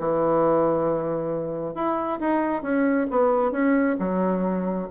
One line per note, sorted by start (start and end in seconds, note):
0.00 1.75 E3
1.75 2.20 E4
2.20 2.63 D#4
2.63 3.07 C#4
3.11 3.52 B3
3.52 3.97 C#4
4.00 4.88 F#3